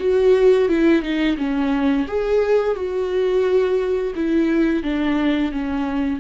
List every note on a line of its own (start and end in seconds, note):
0.00 0.69 F#4
0.69 1.02 E4
1.02 1.36 D#4
1.38 2.07 C#4
2.07 2.76 G#4
2.76 4.13 F#4
4.15 4.83 E4
4.83 5.52 D4
5.52 6.20 C#4